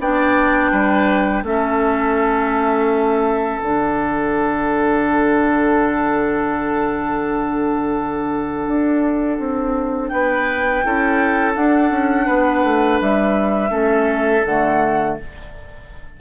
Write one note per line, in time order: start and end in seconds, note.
0.00 0.72 B3
0.00 1.45 D4
0.00 0.72 D5
0.00 1.46 G5
0.72 1.43 G3
0.72 1.44 B4
1.43 3.60 A3
1.43 3.62 C#4
1.43 10.13 A4
1.43 3.61 E5
3.61 8.68 D3
3.61 10.84 D4
3.61 10.09 F#5
8.68 9.39 D4
9.39 10.11 C4
10.09 10.84 B3
10.09 10.86 B4
10.09 11.53 G5
10.84 11.57 C#4
10.84 11.56 E4
10.84 12.26 A4
11.56 13.69 D4
11.56 11.91 D4
11.56 13.00 F#5
11.91 12.27 C#4
12.26 12.64 B3
12.26 13.71 B4
12.64 13.00 A3
13.01 13.71 G3
13.01 14.46 E5
13.69 14.43 A3
13.69 14.42 C#4
13.69 15.15 A4
14.46 15.18 D3
14.46 15.21 A3
14.46 15.18 F#5